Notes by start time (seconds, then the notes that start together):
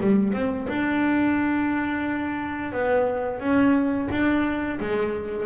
0.00 G3
0.33 C4
0.68 D4
2.72 B3
3.40 C#4
4.11 D4
4.79 G#3